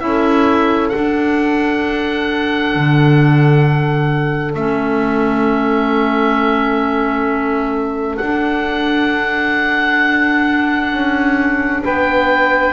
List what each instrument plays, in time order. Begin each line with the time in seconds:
0.00 double bass C#4, clarinet E4, saxophone A4, oboe E5
0.89 clarinet D4, oboe F#5
0.95 double bass D4
2.75 double bass D3
4.55 double bass A3, clarinet C#4, oboe E5
8.17 clarinet D4, double bass D4, oboe F#5
10.93 double bass C#4
11.84 double bass B3, saxophone B4, oboe G5